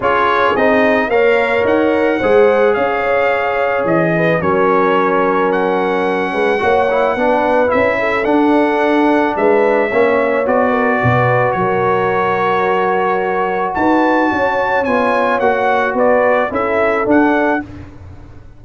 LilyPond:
<<
  \new Staff \with { instrumentName = "trumpet" } { \time 4/4 \tempo 4 = 109 cis''4 dis''4 f''4 fis''4~ | fis''4 f''2 dis''4 | cis''2 fis''2~ | fis''2 e''4 fis''4~ |
fis''4 e''2 d''4~ | d''4 cis''2.~ | cis''4 a''2 gis''4 | fis''4 d''4 e''4 fis''4 | }
  \new Staff \with { instrumentName = "horn" } { \time 4/4 gis'2 cis''2 | c''4 cis''2~ cis''8 b'8 | ais'2.~ ais'8 b'8 | cis''4 b'4. a'4.~ |
a'4 b'4 cis''4. ais'8 | b'4 ais'2.~ | ais'4 b'4 cis''2~ | cis''4 b'4 a'2 | }
  \new Staff \with { instrumentName = "trombone" } { \time 4/4 f'4 dis'4 ais'2 | gis'1 | cis'1 | fis'8 e'8 d'4 e'4 d'4~ |
d'2 cis'4 fis'4~ | fis'1~ | fis'2. f'4 | fis'2 e'4 d'4 | }
  \new Staff \with { instrumentName = "tuba" } { \time 4/4 cis'4 c'4 ais4 dis'4 | gis4 cis'2 e4 | fis2.~ fis8 gis8 | ais4 b4 cis'4 d'4~ |
d'4 gis4 ais4 b4 | b,4 fis2.~ | fis4 dis'4 cis'4 b4 | ais4 b4 cis'4 d'4 | }
>>